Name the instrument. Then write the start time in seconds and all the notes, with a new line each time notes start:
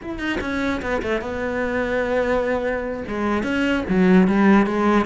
cello
0.02 E4
0.18 D#4
0.41 C#4
0.81 B3
1.02 A3
1.21 B3
3.07 G#3
3.43 C#4
3.89 F#3
4.27 G3
4.66 G#3